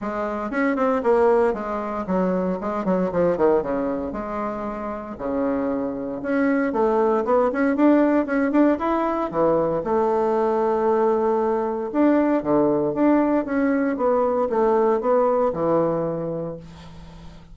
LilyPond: \new Staff \with { instrumentName = "bassoon" } { \time 4/4 \tempo 4 = 116 gis4 cis'8 c'8 ais4 gis4 | fis4 gis8 fis8 f8 dis8 cis4 | gis2 cis2 | cis'4 a4 b8 cis'8 d'4 |
cis'8 d'8 e'4 e4 a4~ | a2. d'4 | d4 d'4 cis'4 b4 | a4 b4 e2 | }